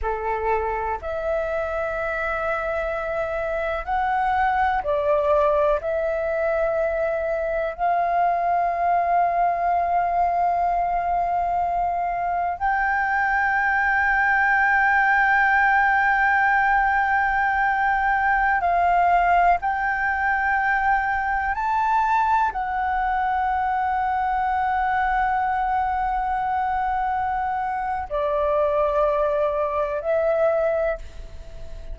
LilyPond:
\new Staff \with { instrumentName = "flute" } { \time 4/4 \tempo 4 = 62 a'4 e''2. | fis''4 d''4 e''2 | f''1~ | f''4 g''2.~ |
g''2.~ g''16 f''8.~ | f''16 g''2 a''4 fis''8.~ | fis''1~ | fis''4 d''2 e''4 | }